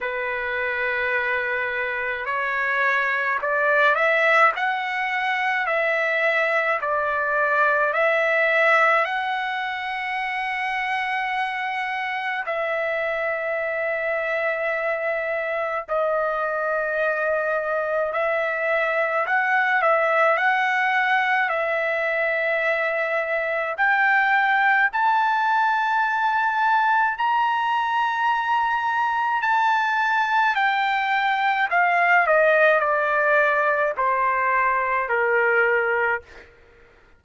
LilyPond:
\new Staff \with { instrumentName = "trumpet" } { \time 4/4 \tempo 4 = 53 b'2 cis''4 d''8 e''8 | fis''4 e''4 d''4 e''4 | fis''2. e''4~ | e''2 dis''2 |
e''4 fis''8 e''8 fis''4 e''4~ | e''4 g''4 a''2 | ais''2 a''4 g''4 | f''8 dis''8 d''4 c''4 ais'4 | }